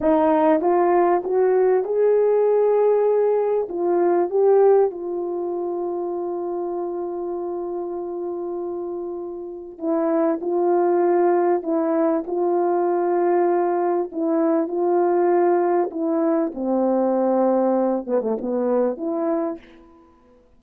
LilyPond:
\new Staff \with { instrumentName = "horn" } { \time 4/4 \tempo 4 = 98 dis'4 f'4 fis'4 gis'4~ | gis'2 f'4 g'4 | f'1~ | f'1 |
e'4 f'2 e'4 | f'2. e'4 | f'2 e'4 c'4~ | c'4. b16 a16 b4 e'4 | }